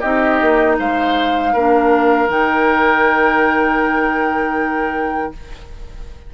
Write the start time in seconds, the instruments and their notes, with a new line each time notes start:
0.00 bassoon C4, clarinet D#4, oboe G4, flute D#5
0.41 bassoon A#3
0.79 bassoon G#3, oboe C5, flute F5
1.53 bassoon A#3, clarinet D4, oboe A#4
2.28 bassoon D#3, clarinet D#4, flute G5